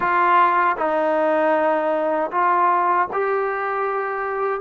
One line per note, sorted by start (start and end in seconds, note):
0.00 0.76 F4
0.77 2.30 D#4
2.31 3.08 F4
3.13 4.60 G4